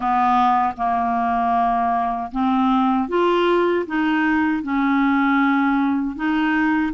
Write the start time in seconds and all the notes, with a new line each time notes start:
0.00 B3
0.77 A#3
2.31 C4
3.08 F4
3.86 D#4
4.62 C#4
6.15 D#4